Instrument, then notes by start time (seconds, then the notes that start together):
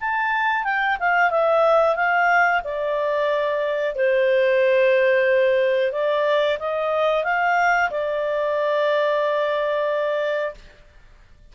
clarinet
0.00 A5
0.64 G5
0.99 F5
1.30 E5
1.95 F5
2.64 D5
3.95 C5
5.92 D5
6.59 D#5
7.24 F5
7.90 D5